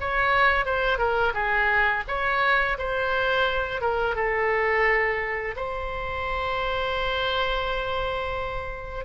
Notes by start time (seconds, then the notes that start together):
0.00 C#5
0.65 C5
0.98 A#4
1.34 G#4
2.07 C#5
2.78 C5
3.81 A#4
4.15 A4
5.56 C5